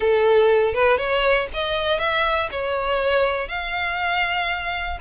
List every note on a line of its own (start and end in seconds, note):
0.00 0.73 A4
0.73 0.97 B4
0.97 1.47 C#5
1.53 1.99 D#5
1.99 2.49 E5
2.51 3.48 C#5
3.48 4.98 F5